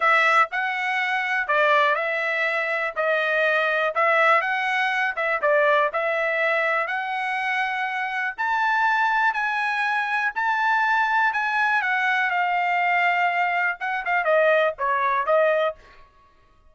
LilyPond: \new Staff \with { instrumentName = "trumpet" } { \time 4/4 \tempo 4 = 122 e''4 fis''2 d''4 | e''2 dis''2 | e''4 fis''4. e''8 d''4 | e''2 fis''2~ |
fis''4 a''2 gis''4~ | gis''4 a''2 gis''4 | fis''4 f''2. | fis''8 f''8 dis''4 cis''4 dis''4 | }